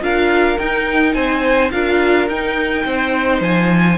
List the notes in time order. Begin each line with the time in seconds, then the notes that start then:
0.00 D4 F4 A#4 F5
0.58 D#4 G5
1.13 C4 C5 G#5
1.70 D4 F4 A#4 F5
2.28 D#4 G5
2.85 C4 C5
3.40 F3 G#5